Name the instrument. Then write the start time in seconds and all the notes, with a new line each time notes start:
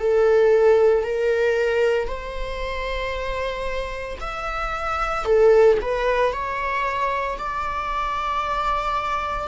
viola
0.00 A4
1.04 A#4
2.08 C5
4.21 E5
5.25 A4
5.82 B4
6.33 C#5
7.38 D5